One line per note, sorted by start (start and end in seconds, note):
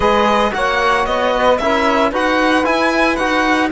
0.00 0.52 G#3
0.00 0.51 G#4
0.00 0.51 B4
0.00 0.53 D#5
0.51 1.06 A#3
0.51 1.57 F#4
0.51 1.35 C#5
0.51 1.05 F#5
1.05 1.59 B3
1.05 1.58 D#5
1.35 1.61 B4
1.58 2.12 C#4
1.58 2.13 E4
1.58 2.11 A#4
1.58 2.11 E5
2.11 2.65 D#4
2.11 2.64 F#4
2.11 3.70 B4
2.11 2.65 F#5
2.64 3.17 E4
2.64 3.18 E4
2.64 3.15 G#5
3.15 3.71 D#4
3.15 3.71 F#4
3.15 3.69 F#5